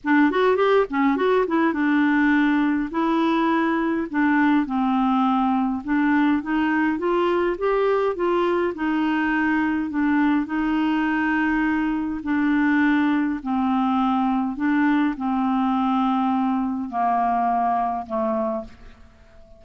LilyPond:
\new Staff \with { instrumentName = "clarinet" } { \time 4/4 \tempo 4 = 103 d'8 fis'8 g'8 cis'8 fis'8 e'8 d'4~ | d'4 e'2 d'4 | c'2 d'4 dis'4 | f'4 g'4 f'4 dis'4~ |
dis'4 d'4 dis'2~ | dis'4 d'2 c'4~ | c'4 d'4 c'2~ | c'4 ais2 a4 | }